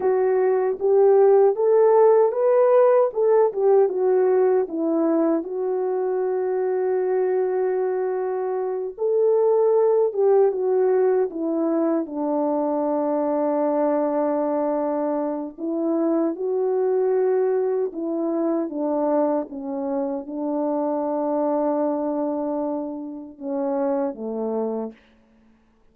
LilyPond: \new Staff \with { instrumentName = "horn" } { \time 4/4 \tempo 4 = 77 fis'4 g'4 a'4 b'4 | a'8 g'8 fis'4 e'4 fis'4~ | fis'2.~ fis'8 a'8~ | a'4 g'8 fis'4 e'4 d'8~ |
d'1 | e'4 fis'2 e'4 | d'4 cis'4 d'2~ | d'2 cis'4 a4 | }